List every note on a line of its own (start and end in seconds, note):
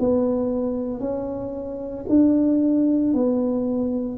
0.00 1.00 B3
1.00 2.05 C#4
2.09 3.14 D4
3.14 4.19 B3